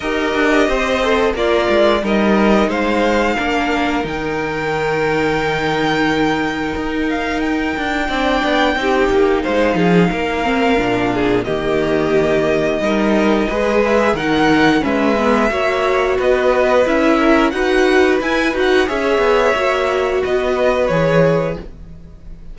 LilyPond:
<<
  \new Staff \with { instrumentName = "violin" } { \time 4/4 \tempo 4 = 89 dis''2 d''4 dis''4 | f''2 g''2~ | g''2~ g''8 f''8 g''4~ | g''2 f''2~ |
f''4 dis''2.~ | dis''8 e''8 fis''4 e''2 | dis''4 e''4 fis''4 gis''8 fis''8 | e''2 dis''4 cis''4 | }
  \new Staff \with { instrumentName = "violin" } { \time 4/4 ais'4 c''4 f'4 ais'4 | c''4 ais'2.~ | ais'1 | d''4 g'4 c''8 gis'8 ais'4~ |
ais'8 gis'8 g'2 ais'4 | b'4 ais'4 b'4 cis''4 | b'4. ais'8 b'2 | cis''2 b'2 | }
  \new Staff \with { instrumentName = "viola" } { \time 4/4 g'4. a'8 ais'4 dis'4~ | dis'4 d'4 dis'2~ | dis'1 | d'4 dis'2~ dis'8 c'8 |
d'4 ais2 dis'4 | gis'4 dis'4 cis'8 b8 fis'4~ | fis'4 e'4 fis'4 e'8 fis'8 | gis'4 fis'2 gis'4 | }
  \new Staff \with { instrumentName = "cello" } { \time 4/4 dis'8 d'8 c'4 ais8 gis8 g4 | gis4 ais4 dis2~ | dis2 dis'4. d'8 | c'8 b8 c'8 ais8 gis8 f8 ais4 |
ais,4 dis2 g4 | gis4 dis4 gis4 ais4 | b4 cis'4 dis'4 e'8 dis'8 | cis'8 b8 ais4 b4 e4 | }
>>